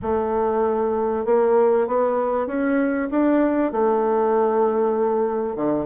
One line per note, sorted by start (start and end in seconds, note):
0.01 1.25 A3
1.25 1.87 A#3
1.87 2.46 B3
2.46 3.08 C#4
3.10 3.71 D4
3.71 5.56 A3
5.56 5.86 D3